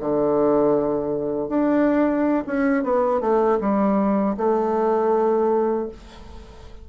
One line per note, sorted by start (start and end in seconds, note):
0.00 1.49 D3
1.49 2.44 D4
2.47 2.84 C#4
2.84 3.21 B3
3.21 3.59 A3
3.60 4.36 G3
4.37 5.89 A3